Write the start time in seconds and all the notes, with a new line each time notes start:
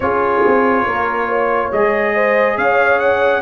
0.00 C#4 F4 G#4 C#5
0.46 C4
0.85 A#3 A#4
1.28 C#5
1.71 G#3 G#4 D#5
2.14 C5
2.57 C#4 C#5 F5
2.99 F#5